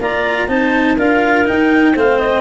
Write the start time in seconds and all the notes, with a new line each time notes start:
0.00 A#3 F4 D5 A#5
0.48 C4 D#4 C5 A5
0.97 D4 F4 A#4 F5
1.45 D#4 G5
1.94 A3 C4 C5 F5
2.18 D#5